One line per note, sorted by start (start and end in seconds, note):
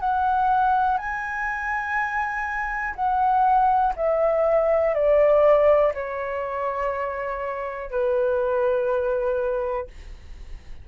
0.00 0.98 F#5
0.98 2.95 G#5
2.96 3.94 F#5
3.97 4.94 E5
4.94 5.93 D5
5.94 7.91 C#5
7.91 9.88 B4